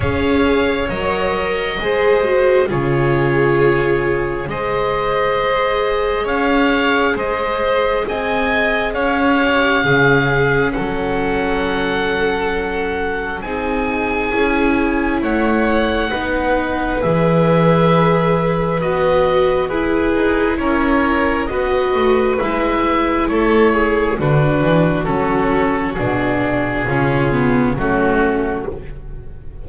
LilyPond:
<<
  \new Staff \with { instrumentName = "oboe" } { \time 4/4 \tempo 4 = 67 f''4 dis''2 cis''4~ | cis''4 dis''2 f''4 | dis''4 gis''4 f''2 | fis''2. gis''4~ |
gis''4 fis''2 e''4~ | e''4 dis''4 b'4 cis''4 | dis''4 e''4 cis''4 b'4 | a'4 gis'2 fis'4 | }
  \new Staff \with { instrumentName = "violin" } { \time 4/4 cis''2 c''4 gis'4~ | gis'4 c''2 cis''4 | c''4 dis''4 cis''4 gis'4 | a'2. gis'4~ |
gis'4 cis''4 b'2~ | b'2 gis'4 ais'4 | b'2 a'8 gis'8 fis'4~ | fis'2 f'4 cis'4 | }
  \new Staff \with { instrumentName = "viola" } { \time 4/4 gis'4 ais'4 gis'8 fis'8 f'4~ | f'4 gis'2.~ | gis'2~ gis'8 g'8 cis'4~ | cis'2. dis'4 |
e'2 dis'4 gis'4~ | gis'4 fis'4 e'2 | fis'4 e'2 d'4 | cis'4 d'4 cis'8 b8 a4 | }
  \new Staff \with { instrumentName = "double bass" } { \time 4/4 cis'4 fis4 gis4 cis4~ | cis4 gis2 cis'4 | gis4 c'4 cis'4 cis4 | fis2. c'4 |
cis'4 a4 b4 e4~ | e4 b4 e'8 dis'8 cis'4 | b8 a8 gis4 a4 d8 e8 | fis4 b,4 cis4 fis4 | }
>>